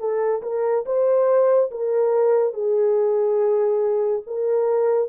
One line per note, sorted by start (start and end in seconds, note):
0.00 0.42 A4
0.43 0.85 A#4
0.86 1.71 C5
1.71 2.54 A#4
2.54 4.23 G#4
4.27 5.09 A#4